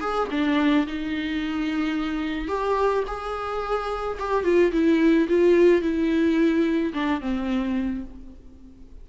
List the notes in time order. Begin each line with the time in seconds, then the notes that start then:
0.00 G#4
0.31 D4
0.87 D#4
2.47 G4
3.07 G#4
4.19 G4
4.43 F4
4.72 E4
5.29 F4
5.81 E4
6.93 D4
7.21 C4